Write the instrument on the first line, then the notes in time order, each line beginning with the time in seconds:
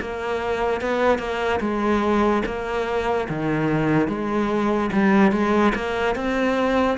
cello
0.00 A#3
0.81 B3
1.18 A#3
1.60 G#3
2.45 A#3
3.28 D#3
4.08 G#3
4.92 G3
5.32 G#3
5.75 A#3
6.15 C4